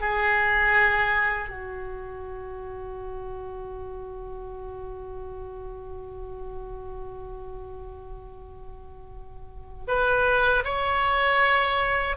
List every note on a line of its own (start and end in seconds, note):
0.00 1.48 G#4
1.48 9.84 F#4
9.87 10.63 B4
10.64 12.16 C#5